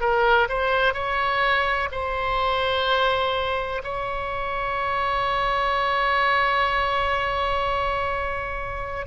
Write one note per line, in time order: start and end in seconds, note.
0.00 0.47 A#4
0.48 0.93 C5
0.93 1.88 C#5
1.91 3.81 C5
3.83 9.06 C#5